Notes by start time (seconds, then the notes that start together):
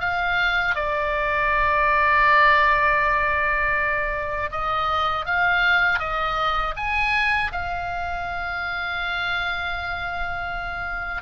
0.00 F5
0.75 D5
4.51 D#5
5.25 F5
5.99 D#5
6.76 G#5
7.52 F5